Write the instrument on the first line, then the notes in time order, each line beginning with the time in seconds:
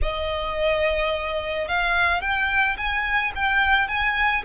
violin
0.02 D#5
1.67 F5
2.21 G5
2.77 G#5
3.35 G5
3.87 G#5